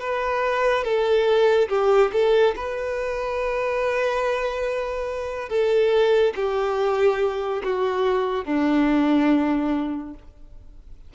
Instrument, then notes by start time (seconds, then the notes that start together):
violin
0.00 B4
0.84 A4
1.69 G4
2.12 A4
2.56 B4
5.49 A4
6.36 G4
7.64 F#4
8.45 D4